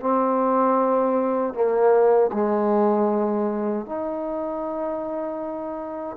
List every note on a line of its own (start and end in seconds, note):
0.00 1.54 C4
1.54 2.31 A#3
2.33 3.86 G#3
3.86 6.16 D#4